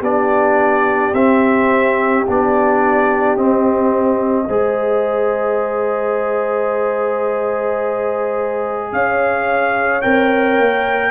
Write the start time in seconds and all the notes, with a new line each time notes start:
0.00 B3 D4 G4 D5
1.13 C4 E5
2.27 B3 D4 D5
3.37 C4 D#5
4.47 G#3 G#4 C5
8.92 C#4 C#5 F5
10.02 C4 A#4 G5
10.59 A#3